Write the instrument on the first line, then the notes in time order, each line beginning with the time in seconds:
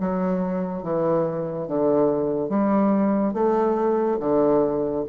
bassoon
0.00 F#3
0.83 E3
1.68 D3
2.49 G3
3.34 A3
4.20 D3